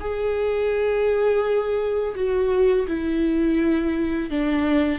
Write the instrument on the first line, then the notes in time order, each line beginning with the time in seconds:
viola
0.00 G#4
2.15 F#4
2.87 E4
4.30 D4